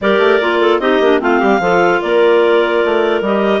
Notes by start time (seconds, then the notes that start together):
0.01 G3 G4 A#4 D5
0.18 A3
0.41 A#3 F4
0.60 A4
0.79 C4 D#4 G4 D#5
1.00 A#3 D4
1.19 A3 C4 F4 F5
1.39 G3 G4
1.59 F3 F4 A4
2.01 A#3 A#4 D5
2.84 A3
3.21 G3 G4 D#5